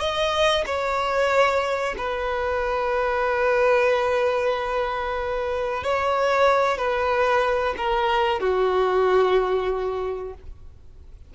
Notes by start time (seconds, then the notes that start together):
0.00 D#5
0.66 C#5
1.98 B4
5.84 C#5
6.78 B4
7.77 A#4
8.40 F#4